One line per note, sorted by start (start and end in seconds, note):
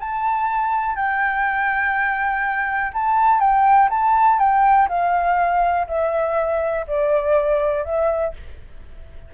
0.00 0.96 A5
0.96 2.92 G5
2.94 3.40 A5
3.40 3.89 G5
3.90 4.39 A5
4.39 4.88 G5
4.89 5.87 F5
5.87 6.86 E5
6.87 7.85 D5
7.85 8.34 E5